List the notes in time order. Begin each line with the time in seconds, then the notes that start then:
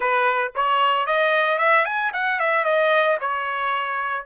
0.00 B4
0.55 C#5
1.06 D#5
1.58 E5
1.85 G#5
2.13 F#5
2.39 E5
2.64 D#5
3.20 C#5